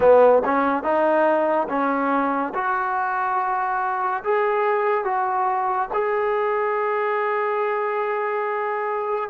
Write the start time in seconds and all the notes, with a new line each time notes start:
0.00 B3
0.45 C#4
0.83 D#4
1.69 C#4
2.54 F#4
4.23 G#4
5.04 F#4
5.93 G#4